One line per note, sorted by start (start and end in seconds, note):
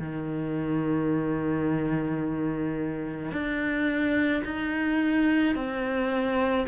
0.00 3.32 D#3
3.32 4.43 D4
4.45 5.56 D#4
5.56 6.67 C4